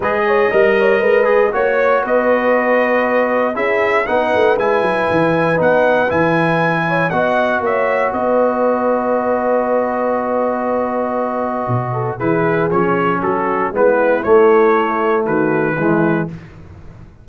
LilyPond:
<<
  \new Staff \with { instrumentName = "trumpet" } { \time 4/4 \tempo 4 = 118 dis''2. cis''4 | dis''2. e''4 | fis''4 gis''2 fis''4 | gis''2 fis''4 e''4 |
dis''1~ | dis''1 | b'4 cis''4 a'4 b'4 | cis''2 b'2 | }
  \new Staff \with { instrumentName = "horn" } { \time 4/4 b'8 cis''8 dis''8 cis''8 b'4 cis''4 | b'2. gis'4 | b'1~ | b'4. cis''8 dis''4 cis''4 |
b'1~ | b'2.~ b'8 a'8 | gis'2 fis'4 e'4~ | e'2 fis'4 e'4 | }
  \new Staff \with { instrumentName = "trombone" } { \time 4/4 gis'4 ais'4. gis'8 fis'4~ | fis'2. e'4 | dis'4 e'2 dis'4 | e'2 fis'2~ |
fis'1~ | fis'1 | e'4 cis'2 b4 | a2. gis4 | }
  \new Staff \with { instrumentName = "tuba" } { \time 4/4 gis4 g4 gis4 ais4 | b2. cis'4 | b8 a8 gis8 fis8 e4 b4 | e2 b4 ais4 |
b1~ | b2. b,4 | e4 f4 fis4 gis4 | a2 dis4 e4 | }
>>